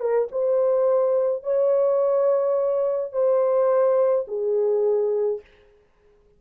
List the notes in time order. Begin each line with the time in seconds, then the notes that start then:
0.00 A#4
0.31 C5
1.43 C#5
3.12 C5
4.27 G#4